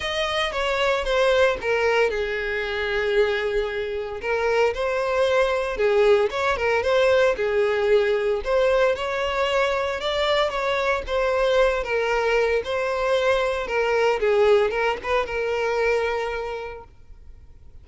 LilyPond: \new Staff \with { instrumentName = "violin" } { \time 4/4 \tempo 4 = 114 dis''4 cis''4 c''4 ais'4 | gis'1 | ais'4 c''2 gis'4 | cis''8 ais'8 c''4 gis'2 |
c''4 cis''2 d''4 | cis''4 c''4. ais'4. | c''2 ais'4 gis'4 | ais'8 b'8 ais'2. | }